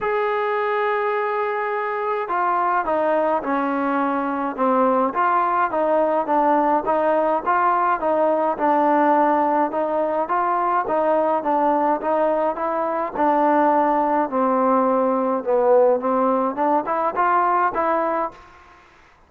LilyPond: \new Staff \with { instrumentName = "trombone" } { \time 4/4 \tempo 4 = 105 gis'1 | f'4 dis'4 cis'2 | c'4 f'4 dis'4 d'4 | dis'4 f'4 dis'4 d'4~ |
d'4 dis'4 f'4 dis'4 | d'4 dis'4 e'4 d'4~ | d'4 c'2 b4 | c'4 d'8 e'8 f'4 e'4 | }